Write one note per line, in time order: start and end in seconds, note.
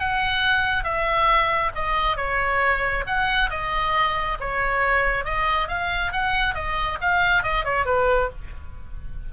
0.00 0.84 F#5
0.84 1.72 E5
1.76 2.17 D#5
2.17 3.05 C#5
3.07 3.51 F#5
3.51 4.38 D#5
4.41 5.25 C#5
5.25 5.69 D#5
5.69 6.13 F5
6.13 6.55 F#5
6.55 6.99 D#5
7.01 7.43 F5
7.43 7.65 D#5
7.65 7.86 C#5
7.86 8.30 B4